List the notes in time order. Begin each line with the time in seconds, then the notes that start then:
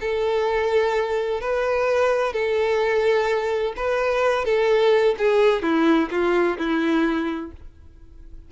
0.00 A4
1.40 B4
2.32 A4
3.76 B4
4.44 A4
5.18 G#4
5.62 E4
6.10 F4
6.58 E4